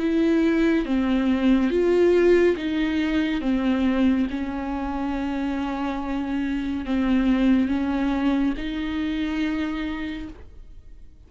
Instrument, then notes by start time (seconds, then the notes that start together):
viola
0.00 E4
0.86 C4
1.70 F4
2.57 D#4
3.41 C4
4.31 C#4
6.86 C4
7.68 C#4
8.58 D#4